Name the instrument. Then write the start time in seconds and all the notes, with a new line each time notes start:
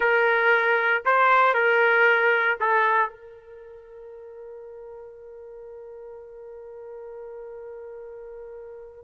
trumpet
0.00 A#4
1.05 C5
1.54 A#4
2.60 A4
3.09 A#4